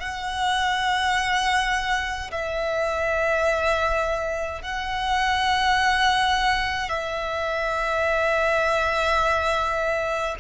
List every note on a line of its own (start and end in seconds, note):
0.00 2.31 F#5
2.31 4.62 E5
4.62 6.89 F#5
6.89 10.35 E5